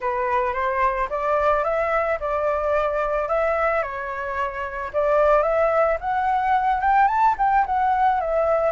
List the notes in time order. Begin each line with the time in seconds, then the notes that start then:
0.00 B4
0.53 C5
1.09 D5
1.63 E5
2.20 D5
3.28 E5
3.82 C#5
4.93 D5
5.42 E5
6.00 F#5
6.80 G5
7.07 A5
7.38 G5
7.66 F#5
8.20 E5